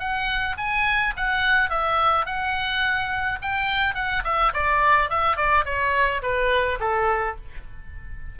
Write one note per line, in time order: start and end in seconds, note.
0.00 0.57 F#5
0.58 1.14 G#5
1.17 1.70 F#5
1.70 2.26 E5
2.26 3.39 F#5
3.42 3.95 G5
3.95 4.23 F#5
4.25 4.53 E5
4.54 5.10 D5
5.10 5.37 E5
5.37 5.65 D5
5.66 6.22 C#5
6.23 6.79 B4
6.80 7.37 A4